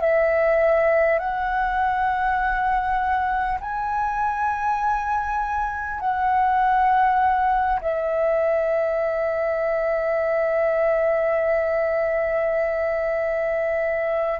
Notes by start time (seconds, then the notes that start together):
0.00 E5
1.18 F#5
3.60 G#5
6.00 F#5
7.80 E5